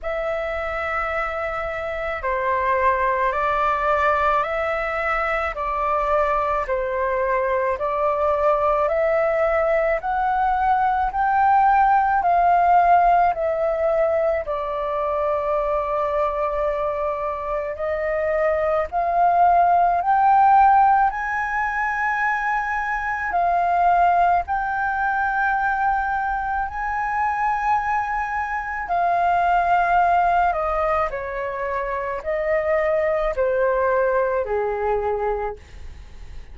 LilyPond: \new Staff \with { instrumentName = "flute" } { \time 4/4 \tempo 4 = 54 e''2 c''4 d''4 | e''4 d''4 c''4 d''4 | e''4 fis''4 g''4 f''4 | e''4 d''2. |
dis''4 f''4 g''4 gis''4~ | gis''4 f''4 g''2 | gis''2 f''4. dis''8 | cis''4 dis''4 c''4 gis'4 | }